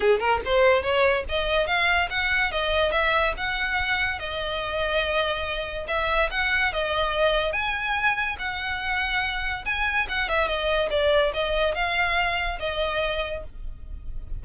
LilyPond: \new Staff \with { instrumentName = "violin" } { \time 4/4 \tempo 4 = 143 gis'8 ais'8 c''4 cis''4 dis''4 | f''4 fis''4 dis''4 e''4 | fis''2 dis''2~ | dis''2 e''4 fis''4 |
dis''2 gis''2 | fis''2. gis''4 | fis''8 e''8 dis''4 d''4 dis''4 | f''2 dis''2 | }